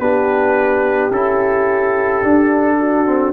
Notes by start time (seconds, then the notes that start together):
0.00 B3 D4 G4 B4
1.12 C#4 E4 A4
2.23 D4
2.80 F#4
3.06 C4